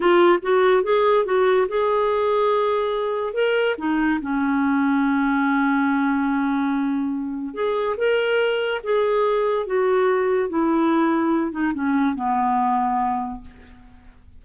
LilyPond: \new Staff \with { instrumentName = "clarinet" } { \time 4/4 \tempo 4 = 143 f'4 fis'4 gis'4 fis'4 | gis'1 | ais'4 dis'4 cis'2~ | cis'1~ |
cis'2 gis'4 ais'4~ | ais'4 gis'2 fis'4~ | fis'4 e'2~ e'8 dis'8 | cis'4 b2. | }